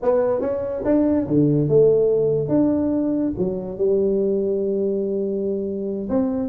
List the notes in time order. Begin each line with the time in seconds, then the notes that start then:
0.02 B3
0.40 C#4
0.84 D4
1.27 D3
1.68 A3
2.48 D4
3.38 F#3
3.77 G3
6.09 C4